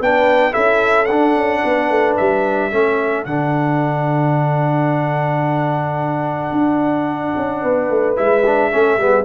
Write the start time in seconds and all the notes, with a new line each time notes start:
0.00 B3 D4 B4 G5
0.51 C#4 E4 A4 E5
1.05 D4 F#5
1.35 C#4
1.64 B3 B4
1.90 A3
2.17 G3 E5
2.71 A3 C#4 A4
3.24 D3 D4 F#5
6.51 D4
7.36 C#4
7.61 B3 B4
7.90 A3
8.16 G#3 E4 E5
8.46 D4
8.71 A3 C#4 A4
8.97 G3 B3
9.03 G#4